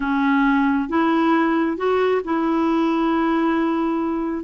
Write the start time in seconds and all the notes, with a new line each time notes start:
0.00 C#4
0.88 E4
1.77 F#4
2.24 E4